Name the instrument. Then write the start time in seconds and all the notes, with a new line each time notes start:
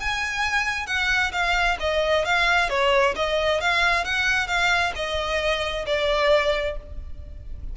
violin
0.00 G#5
0.87 F#5
1.32 F5
1.80 D#5
2.25 F5
2.70 C#5
3.16 D#5
3.61 F5
4.04 F#5
4.48 F5
4.95 D#5
5.86 D5